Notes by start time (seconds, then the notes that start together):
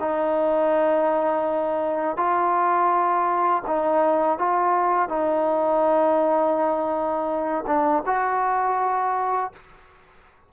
0.00 D#4
2.17 F4
3.67 D#4
4.38 F4
5.09 D#4
7.67 D4
8.06 F#4